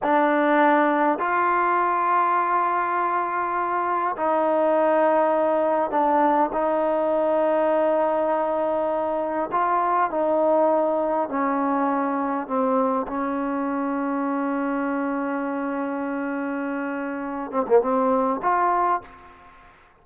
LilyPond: \new Staff \with { instrumentName = "trombone" } { \time 4/4 \tempo 4 = 101 d'2 f'2~ | f'2. dis'4~ | dis'2 d'4 dis'4~ | dis'1 |
f'4 dis'2 cis'4~ | cis'4 c'4 cis'2~ | cis'1~ | cis'4. c'16 ais16 c'4 f'4 | }